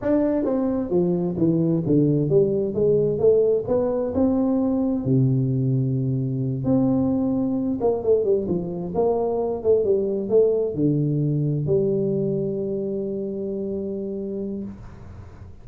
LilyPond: \new Staff \with { instrumentName = "tuba" } { \time 4/4 \tempo 4 = 131 d'4 c'4 f4 e4 | d4 g4 gis4 a4 | b4 c'2 c4~ | c2~ c8 c'4.~ |
c'4 ais8 a8 g8 f4 ais8~ | ais4 a8 g4 a4 d8~ | d4. g2~ g8~ | g1 | }